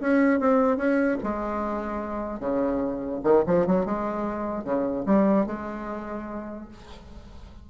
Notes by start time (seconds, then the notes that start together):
0.00 C#4
0.40 C4
0.77 C#4
1.23 G#3
2.40 C#3
3.23 D#3
3.47 F3
3.67 F#3
3.85 G#3
4.64 C#3
5.06 G3
5.46 G#3